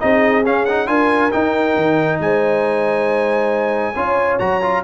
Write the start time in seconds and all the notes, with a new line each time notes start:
0.00 C4 D#4 G#4 D#5
0.45 C#4 F5
0.65 D#4 F#5
0.87 D4 F4 A#4 G#5
1.32 D#4 G5
1.76 D#3
2.20 G#3 C5 G#5
3.94 C#4 F4 C#5
4.39 F#3 F#4 A#5
4.62 F4